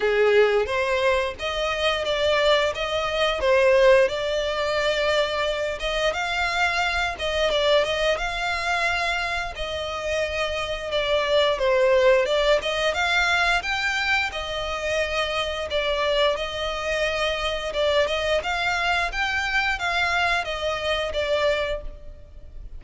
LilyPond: \new Staff \with { instrumentName = "violin" } { \time 4/4 \tempo 4 = 88 gis'4 c''4 dis''4 d''4 | dis''4 c''4 d''2~ | d''8 dis''8 f''4. dis''8 d''8 dis''8 | f''2 dis''2 |
d''4 c''4 d''8 dis''8 f''4 | g''4 dis''2 d''4 | dis''2 d''8 dis''8 f''4 | g''4 f''4 dis''4 d''4 | }